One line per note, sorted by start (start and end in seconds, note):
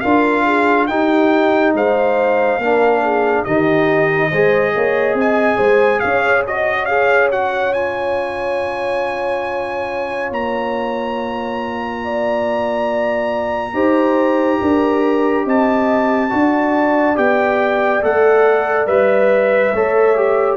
0.00 0.89 D4
0.00 0.89 F4
0.00 0.44 A#4
0.00 0.86 F5
0.44 0.87 G#4
0.87 1.74 D#4
0.87 2.60 D#4
0.87 1.75 G4
0.87 1.72 G5
1.74 2.58 G#3
1.74 2.60 C5
1.74 3.44 F5
2.58 3.44 A#3
2.58 3.46 D4
2.58 3.02 A#4
3.02 3.43 G#4
3.43 4.31 D#3
3.43 4.32 D#4
3.43 4.29 G4
3.43 5.15 D#5
4.30 4.74 G#3
4.30 6.47 G#4
4.30 4.73 C5
4.74 5.14 A#3
4.74 5.17 C#5
5.14 5.56 C4
5.14 5.56 D#5
5.20 5.99 G#5
5.56 6.01 G#3
5.56 5.99 C5
5.99 10.31 C#4
5.99 6.46 C#5
5.99 6.42 F5
6.46 6.89 F#4
6.46 6.85 D#5
6.46 6.84 D#5
6.84 7.32 G#4
6.84 11.98 C#5
6.84 7.28 F5
7.31 7.74 F#4
7.31 7.73 F#5
7.73 13.74 F4
7.73 10.30 G#5
10.31 13.73 A#3
10.31 15.47 A#5
12.04 13.74 D5
13.73 14.59 D#4
13.73 16.29 G4
13.73 14.59 C5
14.60 15.45 D4
14.60 15.45 A#4
15.45 16.30 C4
15.45 16.31 D#5
15.45 17.17 A5
16.29 17.17 D4
16.29 17.15 F#4
16.29 19.73 D5
17.15 18.03 B3
17.15 18.01 G4
17.15 18.03 G5
18.01 18.86 A3
18.01 18.87 A4
18.01 18.86 F#5
18.86 19.72 G3
18.86 19.72 B4
18.86 20.57 E5
19.73 20.57 A3
19.73 20.16 A4
19.73 20.57 C#5
20.16 20.57 G4